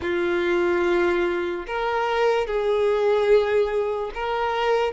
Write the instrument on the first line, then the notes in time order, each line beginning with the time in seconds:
violin
0.01 F4
1.66 A#4
2.47 G#4
4.14 A#4